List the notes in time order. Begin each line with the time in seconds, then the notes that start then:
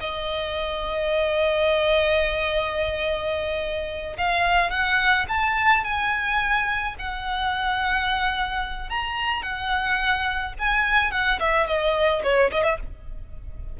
0.00 D#5
4.17 F5
4.70 F#5
5.28 A5
5.84 G#5
6.99 F#5
8.89 A#5
9.42 F#5
10.59 G#5
11.11 F#5
11.39 E5
11.67 D#5
12.23 C#5
12.52 D#5
12.63 E5